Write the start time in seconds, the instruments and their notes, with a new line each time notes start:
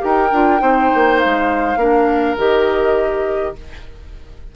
0.00 bassoon D#4, clarinet G4, oboe A#4, flute G5
0.32 bassoon D4, clarinet F4
0.60 bassoon C4, clarinet D#4, oboe C5
0.95 bassoon A#3
1.19 flute F5
1.25 bassoon G#3
1.77 bassoon A#3, clarinet D4, oboe A#4
2.38 bassoon D#3, clarinet G4, flute D#5